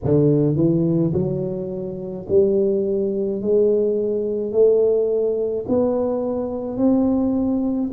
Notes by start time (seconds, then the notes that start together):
0.04 D3
0.56 E3
1.13 F#3
2.28 G3
3.41 G#3
4.52 A3
5.68 B3
6.77 C4